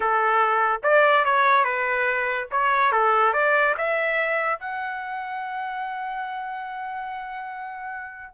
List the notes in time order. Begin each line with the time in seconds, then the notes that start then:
0.00 A4
0.83 D5
1.24 C#5
1.64 B4
2.51 C#5
2.91 A4
3.33 D5
3.77 E5
4.59 F#5